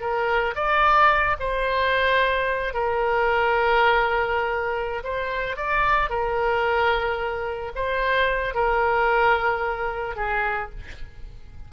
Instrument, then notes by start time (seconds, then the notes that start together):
oboe
0.00 A#4
0.55 D5
1.39 C5
2.73 A#4
5.03 C5
5.56 D5
6.09 A#4
7.75 C5
8.54 A#4
10.16 G#4